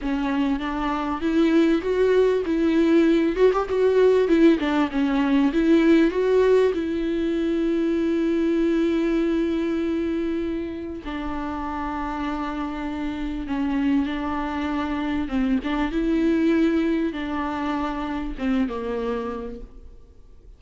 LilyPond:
\new Staff \with { instrumentName = "viola" } { \time 4/4 \tempo 4 = 98 cis'4 d'4 e'4 fis'4 | e'4. fis'16 g'16 fis'4 e'8 d'8 | cis'4 e'4 fis'4 e'4~ | e'1~ |
e'2 d'2~ | d'2 cis'4 d'4~ | d'4 c'8 d'8 e'2 | d'2 c'8 ais4. | }